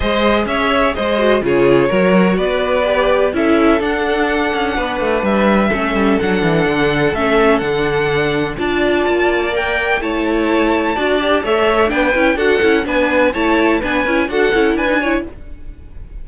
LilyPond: <<
  \new Staff \with { instrumentName = "violin" } { \time 4/4 \tempo 4 = 126 dis''4 e''4 dis''4 cis''4~ | cis''4 d''2 e''4 | fis''2. e''4~ | e''4 fis''2 e''4 |
fis''2 a''2 | g''4 a''2. | e''4 g''4 fis''4 gis''4 | a''4 gis''4 fis''4 gis''4 | }
  \new Staff \with { instrumentName = "violin" } { \time 4/4 c''4 cis''4 c''4 gis'4 | ais'4 b'2 a'4~ | a'2 b'2 | a'1~ |
a'2 d''2~ | d''4 cis''2 d''4 | cis''4 b'4 a'4 b'4 | cis''4 b'4 a'4 b'8 cis''8 | }
  \new Staff \with { instrumentName = "viola" } { \time 4/4 gis'2~ gis'8 fis'8 f'4 | fis'2 g'4 e'4 | d'1 | cis'4 d'2 cis'4 |
d'2 f'2 | ais'4 e'2 fis'8 g'8 | a'4 d'8 e'8 fis'8 e'8 d'4 | e'4 d'8 e'8 fis'8 e'8. dis'16 e'8 | }
  \new Staff \with { instrumentName = "cello" } { \time 4/4 gis4 cis'4 gis4 cis4 | fis4 b2 cis'4 | d'4. cis'8 b8 a8 g4 | a8 g8 fis8 e8 d4 a4 |
d2 d'4 ais4~ | ais4 a2 d'4 | a4 b8 cis'8 d'8 cis'8 b4 | a4 b8 cis'8 d'8 cis'8 d'4 | }
>>